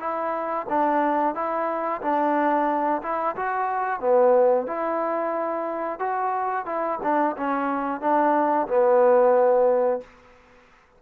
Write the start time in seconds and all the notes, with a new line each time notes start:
0.00 E4
0.70 D4
1.35 E4
2.02 D4
3.03 E4
3.36 F#4
4.00 B3
4.67 E4
6.00 F#4
6.66 E4
7.03 D4
7.37 C#4
8.01 D4
8.68 B3